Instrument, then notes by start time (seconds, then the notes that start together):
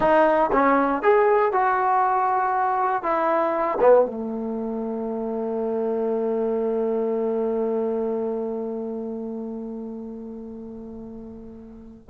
trombone
0.00 D#4
0.52 C#4
1.02 G#4
1.52 F#4
3.03 E4
3.80 B3
4.05 A3